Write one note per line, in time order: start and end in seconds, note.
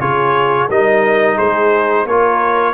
0.00 0.69 C#3
0.00 0.70 F4
0.00 0.69 G#4
0.00 0.70 C#5
0.69 1.39 G3
0.69 2.08 D#4
0.69 1.36 A#4
0.69 1.38 D#5
1.36 2.05 G#3
1.36 2.05 G#4
1.36 2.07 C5
2.05 2.74 A#3
2.05 2.75 F4
2.05 2.75 A#4
2.05 2.75 C#5